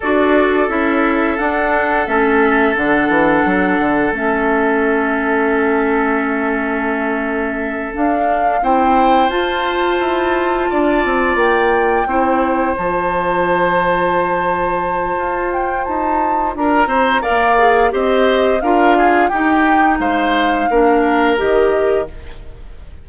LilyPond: <<
  \new Staff \with { instrumentName = "flute" } { \time 4/4 \tempo 4 = 87 d''4 e''4 fis''4 e''4 | fis''2 e''2~ | e''2.~ e''8 f''8~ | f''8 g''4 a''2~ a''8~ |
a''8 g''2 a''4.~ | a''2~ a''8 g''8 a''4 | ais''4 f''4 dis''4 f''4 | g''4 f''2 dis''4 | }
  \new Staff \with { instrumentName = "oboe" } { \time 4/4 a'1~ | a'1~ | a'1~ | a'8 c''2. d''8~ |
d''4. c''2~ c''8~ | c''1 | ais'8 c''8 d''4 c''4 ais'8 gis'8 | g'4 c''4 ais'2 | }
  \new Staff \with { instrumentName = "clarinet" } { \time 4/4 fis'4 e'4 d'4 cis'4 | d'2 cis'2~ | cis'2.~ cis'8 d'8~ | d'8 e'4 f'2~ f'8~ |
f'4. e'4 f'4.~ | f'1~ | f'4 ais'8 gis'8 g'4 f'4 | dis'2 d'4 g'4 | }
  \new Staff \with { instrumentName = "bassoon" } { \time 4/4 d'4 cis'4 d'4 a4 | d8 e8 fis8 d8 a2~ | a2.~ a8 d'8~ | d'8 c'4 f'4 e'4 d'8 |
c'8 ais4 c'4 f4.~ | f2 f'4 dis'4 | d'8 c'8 ais4 c'4 d'4 | dis'4 gis4 ais4 dis4 | }
>>